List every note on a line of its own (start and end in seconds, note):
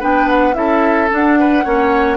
0.00 0.56 B3
0.00 0.54 D4
0.00 0.55 B4
0.00 0.29 G5
0.29 0.54 F#5
0.54 1.10 C#4
0.54 1.08 E4
0.54 1.40 A4
0.54 1.09 E5
1.10 1.64 D4
1.10 1.66 D4
1.10 2.18 F#5
1.40 1.64 B4
1.64 2.18 A#3
1.64 2.18 C#4
1.64 2.18 C#5